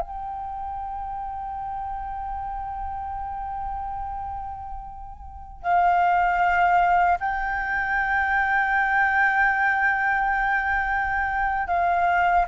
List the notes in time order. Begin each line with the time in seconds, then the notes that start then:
0.00 G5
5.63 F5
7.20 G5
11.68 F5